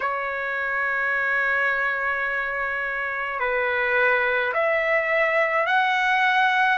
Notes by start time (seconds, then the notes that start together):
0.00 C#5
3.40 B4
4.53 E5
5.66 F#5